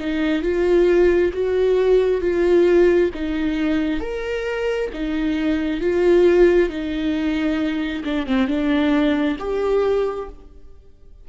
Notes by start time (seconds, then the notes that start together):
0.00 D#4
0.43 F4
1.33 F#4
2.21 F4
3.14 D#4
4.01 A#4
4.93 D#4
5.81 F4
6.70 D#4
8.05 D4
8.27 C4
8.47 D4
9.39 G4